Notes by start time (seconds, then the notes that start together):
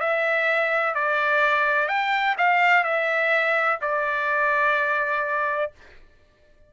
0.00 E5
0.94 D5
1.88 G5
2.38 F5
2.84 E5
3.81 D5